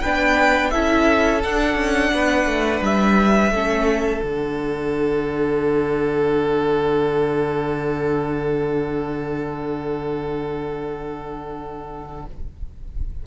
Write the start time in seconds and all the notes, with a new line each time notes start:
0.00 B3 D4 B4 G5
0.70 C#4 E4 A4 E5
1.43 D4 F#5
1.75 C#4
2.13 B3 B4
2.45 A3
2.81 G3 E5
3.50 A3 C#4 A4
4.22 D3 D4 F#5